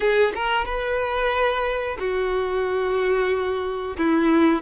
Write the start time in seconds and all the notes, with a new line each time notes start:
0.00 G#4
0.35 A#4
0.65 B4
1.99 F#4
3.97 E4